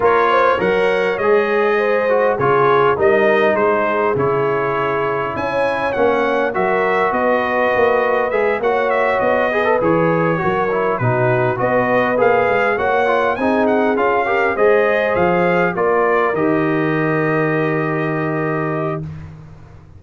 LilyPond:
<<
  \new Staff \with { instrumentName = "trumpet" } { \time 4/4 \tempo 4 = 101 cis''4 fis''4 dis''2 | cis''4 dis''4 c''4 cis''4~ | cis''4 gis''4 fis''4 e''4 | dis''2 e''8 fis''8 e''8 dis''8~ |
dis''8 cis''2 b'4 dis''8~ | dis''8 f''4 fis''4 gis''8 fis''8 f''8~ | f''8 dis''4 f''4 d''4 dis''8~ | dis''1 | }
  \new Staff \with { instrumentName = "horn" } { \time 4/4 ais'8 c''8 cis''2 c''4 | gis'4 ais'4 gis'2~ | gis'4 cis''2 ais'4 | b'2~ b'8 cis''4. |
b'4. ais'4 fis'4 b'8~ | b'4. cis''4 gis'4. | ais'8 c''2 ais'4.~ | ais'1 | }
  \new Staff \with { instrumentName = "trombone" } { \time 4/4 f'4 ais'4 gis'4. fis'8 | f'4 dis'2 e'4~ | e'2 cis'4 fis'4~ | fis'2 gis'8 fis'4. |
gis'16 a'16 gis'4 fis'8 e'8 dis'4 fis'8~ | fis'8 gis'4 fis'8 f'8 dis'4 f'8 | g'8 gis'2 f'4 g'8~ | g'1 | }
  \new Staff \with { instrumentName = "tuba" } { \time 4/4 ais4 fis4 gis2 | cis4 g4 gis4 cis4~ | cis4 cis'4 ais4 fis4 | b4 ais4 gis8 ais4 b8~ |
b8 e4 fis4 b,4 b8~ | b8 ais8 gis8 ais4 c'4 cis'8~ | cis'8 gis4 f4 ais4 dis8~ | dis1 | }
>>